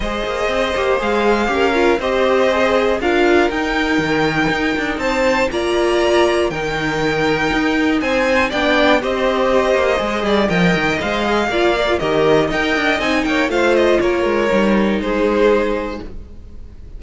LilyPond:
<<
  \new Staff \with { instrumentName = "violin" } { \time 4/4 \tempo 4 = 120 dis''2 f''2 | dis''2 f''4 g''4~ | g''2 a''4 ais''4~ | ais''4 g''2. |
gis''4 g''4 dis''2~ | dis''4 g''4 f''2 | dis''4 g''4 gis''8 g''8 f''8 dis''8 | cis''2 c''2 | }
  \new Staff \with { instrumentName = "violin" } { \time 4/4 c''2. ais'4 | c''2 ais'2~ | ais'2 c''4 d''4~ | d''4 ais'2. |
c''4 d''4 c''2~ | c''8 d''8 dis''2 d''4 | ais'4 dis''4. cis''8 c''4 | ais'2 gis'2 | }
  \new Staff \with { instrumentName = "viola" } { \time 4/4 gis'4. g'8 gis'4 g'8 f'8 | g'4 gis'4 f'4 dis'4~ | dis'2. f'4~ | f'4 dis'2.~ |
dis'4 d'4 g'2 | gis'4 ais'4 c''8 gis'8 f'8 ais'16 f'16 | g'4 ais'4 dis'4 f'4~ | f'4 dis'2. | }
  \new Staff \with { instrumentName = "cello" } { \time 4/4 gis8 ais8 c'8 ais8 gis4 cis'4 | c'2 d'4 dis'4 | dis4 dis'8 d'8 c'4 ais4~ | ais4 dis2 dis'4 |
c'4 b4 c'4. ais8 | gis8 g8 f8 dis8 gis4 ais4 | dis4 dis'8 d'8 c'8 ais8 a4 | ais8 gis8 g4 gis2 | }
>>